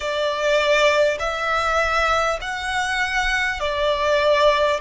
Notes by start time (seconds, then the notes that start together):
0.00 D5
1.19 E5
2.41 F#5
3.60 D5